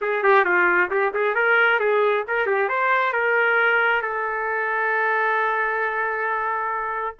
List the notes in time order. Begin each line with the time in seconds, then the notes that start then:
0.01 G#4
0.23 G4
0.45 F4
0.90 G4
1.13 G#4
1.34 A#4
1.79 G#4
2.27 A#4
2.46 G4
2.68 C5
3.12 A#4
4.02 A4